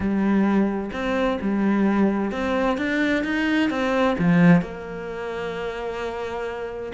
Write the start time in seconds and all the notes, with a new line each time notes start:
0.00 G3
0.92 C4
1.41 G3
2.31 C4
2.77 D4
3.23 D#4
3.70 C4
4.18 F3
4.61 A#3